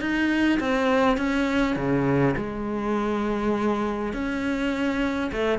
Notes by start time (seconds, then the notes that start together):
0.00 D#4
0.59 C4
1.17 C#4
1.75 C#3
2.36 G#3
4.13 C#4
5.32 A3